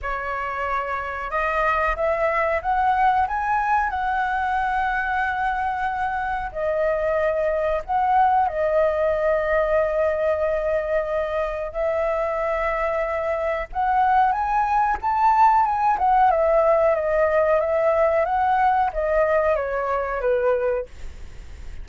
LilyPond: \new Staff \with { instrumentName = "flute" } { \time 4/4 \tempo 4 = 92 cis''2 dis''4 e''4 | fis''4 gis''4 fis''2~ | fis''2 dis''2 | fis''4 dis''2.~ |
dis''2 e''2~ | e''4 fis''4 gis''4 a''4 | gis''8 fis''8 e''4 dis''4 e''4 | fis''4 dis''4 cis''4 b'4 | }